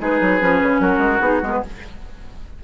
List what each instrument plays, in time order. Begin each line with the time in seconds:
0.00 bassoon G#3, clarinet D#4, oboe G#4, flute B4
0.21 bassoon F#3
0.40 bassoon F3, clarinet C#4
0.63 bassoon C#3
0.80 bassoon F#3, oboe F#4, flute A#4
0.99 bassoon G#3
1.21 bassoon B3, clarinet D#4, flute G#4
1.43 bassoon G#3, clarinet B3, flute A#4
1.53 flute B4